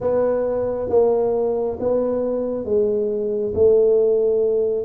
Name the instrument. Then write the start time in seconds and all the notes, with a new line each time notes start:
tuba
0.00 B3
0.89 A#3
1.79 B3
2.64 G#3
3.54 A3